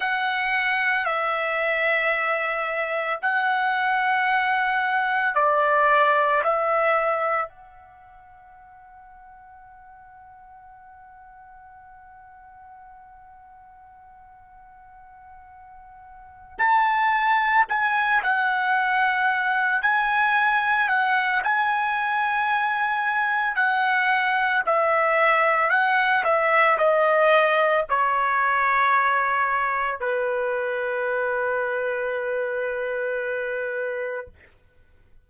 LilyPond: \new Staff \with { instrumentName = "trumpet" } { \time 4/4 \tempo 4 = 56 fis''4 e''2 fis''4~ | fis''4 d''4 e''4 fis''4~ | fis''1~ | fis''2.~ fis''8 a''8~ |
a''8 gis''8 fis''4. gis''4 fis''8 | gis''2 fis''4 e''4 | fis''8 e''8 dis''4 cis''2 | b'1 | }